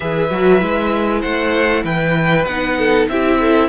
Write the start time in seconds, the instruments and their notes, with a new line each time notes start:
0.00 cello E3, viola G#4, violin B4 E5
0.31 cello F#3, viola F#4
0.59 cello G#3, viola E4
1.20 cello A3, violin C5 F#5
1.84 cello E3, violin B4 G5
2.44 cello B3, viola D#4, violin F#5
2.78 violin A4
3.08 cello C4, viola E4, violin G4 E5
3.39 violin A4